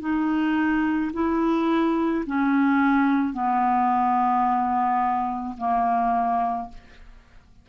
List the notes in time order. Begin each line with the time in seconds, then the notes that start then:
0.00 D#4
1.14 E4
2.26 C#4
3.33 B3
5.58 A#3